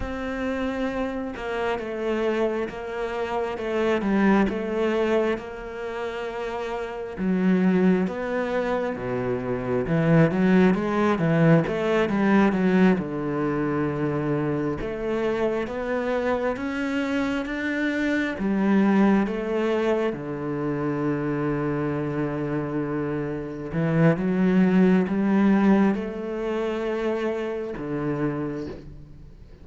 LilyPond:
\new Staff \with { instrumentName = "cello" } { \time 4/4 \tempo 4 = 67 c'4. ais8 a4 ais4 | a8 g8 a4 ais2 | fis4 b4 b,4 e8 fis8 | gis8 e8 a8 g8 fis8 d4.~ |
d8 a4 b4 cis'4 d'8~ | d'8 g4 a4 d4.~ | d2~ d8 e8 fis4 | g4 a2 d4 | }